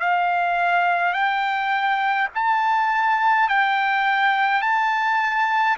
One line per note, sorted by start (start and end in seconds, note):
0.00 1.13 F5
1.13 2.28 G5
2.35 3.49 A5
3.49 4.62 G5
4.62 5.77 A5